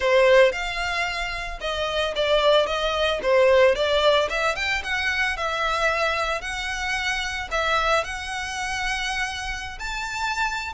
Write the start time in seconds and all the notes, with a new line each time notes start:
0.00 C5
0.52 F5
1.60 D#5
2.15 D5
2.66 D#5
3.22 C5
3.75 D5
4.29 E5
4.55 G5
4.83 F#5
5.36 E5
6.41 F#5
7.51 E5
8.04 F#5
9.79 A5